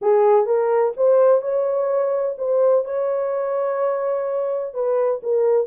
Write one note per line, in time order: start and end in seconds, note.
0.01 0.46 G#4
0.46 0.93 A#4
0.96 1.41 C5
1.41 2.36 C#5
2.38 2.85 C5
2.85 4.74 C#5
4.74 5.21 B4
5.22 5.67 A#4